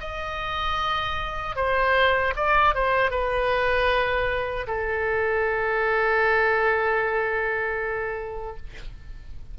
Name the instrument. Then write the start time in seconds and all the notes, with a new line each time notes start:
oboe
0.00 D#5
1.55 C5
2.36 D5
2.74 C5
3.11 B4
4.67 A4